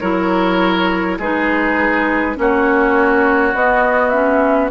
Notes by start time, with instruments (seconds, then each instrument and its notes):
0.00 bassoon F#3, clarinet E4, oboe A#4, flute C#5
1.19 bassoon G#3, clarinet D#4, oboe G#4, flute B4
2.36 bassoon A#3, clarinet C#4, oboe F#4, flute C#5
3.54 bassoon B3, clarinet B3, flute D#5
4.10 clarinet C#4, flute E5